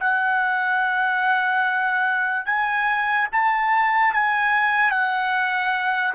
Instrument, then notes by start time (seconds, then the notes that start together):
trumpet
0.00 F#5
2.45 G#5
3.32 A5
4.13 G#5
4.91 F#5